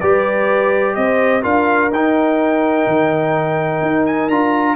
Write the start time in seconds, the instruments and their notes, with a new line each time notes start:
0.00 tuba G3, trombone G4, horn B4, trumpet D5
0.95 tuba C4, horn C5, trumpet D#5
1.43 tuba D4, trombone F4, horn A#4, trumpet F5
1.91 tuba D#4, trombone D#4, trumpet G5
2.87 tuba D#3
3.81 tuba D#4
4.06 trumpet G#5
4.29 tuba D4, trombone F4, trumpet A#5